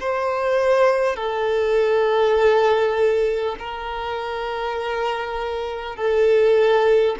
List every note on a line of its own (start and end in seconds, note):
0.00 1.16 C5
1.16 3.56 A4
3.59 5.96 A#4
5.96 7.16 A4